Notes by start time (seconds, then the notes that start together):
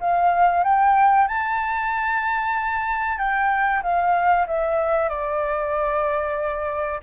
0.00 F5
0.64 G5
1.28 A5
3.19 G5
3.83 F5
4.47 E5
5.09 D5